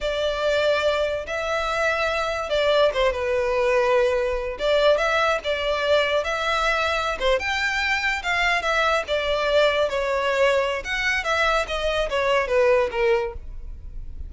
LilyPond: \new Staff \with { instrumentName = "violin" } { \time 4/4 \tempo 4 = 144 d''2. e''4~ | e''2 d''4 c''8 b'8~ | b'2. d''4 | e''4 d''2 e''4~ |
e''4~ e''16 c''8 g''2 f''16~ | f''8. e''4 d''2 cis''16~ | cis''2 fis''4 e''4 | dis''4 cis''4 b'4 ais'4 | }